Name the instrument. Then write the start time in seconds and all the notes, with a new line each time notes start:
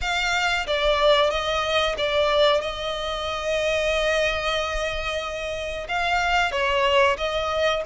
violin
0.01 F5
0.66 D5
1.30 D#5
1.97 D5
2.61 D#5
5.88 F5
6.51 C#5
7.17 D#5